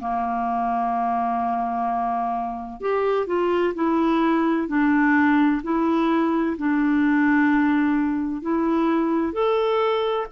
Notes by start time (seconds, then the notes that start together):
0.00 A#3
2.81 G4
3.27 F4
3.75 E4
4.68 D4
5.63 E4
6.58 D4
8.42 E4
9.33 A4